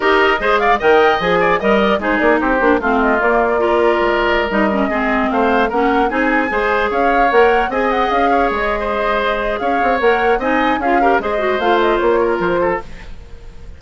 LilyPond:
<<
  \new Staff \with { instrumentName = "flute" } { \time 4/4 \tempo 4 = 150 dis''4. f''8 g''4 gis''4 | dis''8 d''8 c''8 d''8 c''4 f''8 dis''8 | d''2.~ d''16 dis''8.~ | dis''4~ dis''16 f''4 fis''4 gis''8.~ |
gis''4~ gis''16 f''4 fis''4 gis''8 fis''16~ | fis''16 f''4 dis''2~ dis''8. | f''4 fis''4 gis''4 f''4 | dis''4 f''8 dis''8 cis''4 c''4 | }
  \new Staff \with { instrumentName = "oboe" } { \time 4/4 ais'4 c''8 d''8 dis''4. d''8 | dis''4 gis'4 g'4 f'4~ | f'4 ais'2.~ | ais'16 gis'4 c''4 ais'4 gis'8.~ |
gis'16 c''4 cis''2 dis''8.~ | dis''8. cis''4~ cis''16 c''2 | cis''2 dis''4 gis'8 ais'8 | c''2~ c''8 ais'4 a'8 | }
  \new Staff \with { instrumentName = "clarinet" } { \time 4/4 g'4 gis'4 ais'4 gis'4 | ais'4 dis'4. d'8 c'4 | ais4 f'2~ f'16 dis'8 cis'16~ | cis'16 c'2 cis'4 dis'8.~ |
dis'16 gis'2 ais'4 gis'8.~ | gis'1~ | gis'4 ais'4 dis'4 f'8 g'8 | gis'8 fis'8 f'2. | }
  \new Staff \with { instrumentName = "bassoon" } { \time 4/4 dis'4 gis4 dis4 f4 | g4 gis8 ais8 c'8 ais8 a4 | ais2 gis4~ gis16 g8.~ | g16 gis4 a4 ais4 c'8.~ |
c'16 gis4 cis'4 ais4 c'8.~ | c'16 cis'4 gis2~ gis8. | cis'8 c'8 ais4 c'4 cis'4 | gis4 a4 ais4 f4 | }
>>